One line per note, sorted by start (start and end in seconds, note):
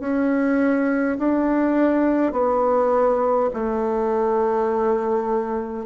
0.00 1.18 C#4
1.19 2.33 D4
2.33 3.50 B3
3.54 5.87 A3